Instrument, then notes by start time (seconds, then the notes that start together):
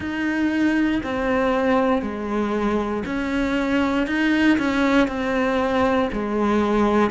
cello
0.00 D#4
1.03 C4
2.02 G#3
3.05 C#4
4.07 D#4
4.58 C#4
5.07 C4
6.12 G#3